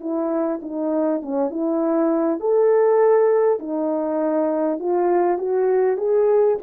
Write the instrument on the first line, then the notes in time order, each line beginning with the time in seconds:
horn
0.00 E4
0.62 D#4
1.22 C#4
1.51 E4
2.40 A4
3.59 D#4
4.79 F4
5.38 F#4
5.97 G#4